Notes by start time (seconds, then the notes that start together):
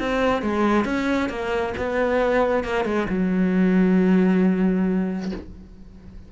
0.00 C4
0.43 G#3
0.85 C#4
1.29 A#3
1.78 B3
2.64 A#3
2.85 G#3
3.10 F#3